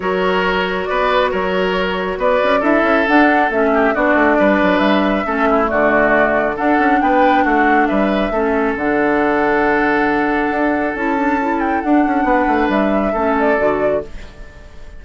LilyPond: <<
  \new Staff \with { instrumentName = "flute" } { \time 4/4 \tempo 4 = 137 cis''2 d''4 cis''4~ | cis''4 d''4 e''4 fis''4 | e''4 d''2 e''4~ | e''4 d''2 fis''4 |
g''4 fis''4 e''2 | fis''1~ | fis''4 a''4. g''8 fis''4~ | fis''4 e''4. d''4. | }
  \new Staff \with { instrumentName = "oboe" } { \time 4/4 ais'2 b'4 ais'4~ | ais'4 b'4 a'2~ | a'8 g'8 fis'4 b'2 | a'8 e'8 fis'2 a'4 |
b'4 fis'4 b'4 a'4~ | a'1~ | a'1 | b'2 a'2 | }
  \new Staff \with { instrumentName = "clarinet" } { \time 4/4 fis'1~ | fis'2 e'4 d'4 | cis'4 d'2. | cis'4 a2 d'4~ |
d'2. cis'4 | d'1~ | d'4 e'8 d'8 e'4 d'4~ | d'2 cis'4 fis'4 | }
  \new Staff \with { instrumentName = "bassoon" } { \time 4/4 fis2 b4 fis4~ | fis4 b8 cis'8 d'8 cis'8 d'4 | a4 b8 a8 g8 fis8 g4 | a4 d2 d'8 cis'8 |
b4 a4 g4 a4 | d1 | d'4 cis'2 d'8 cis'8 | b8 a8 g4 a4 d4 | }
>>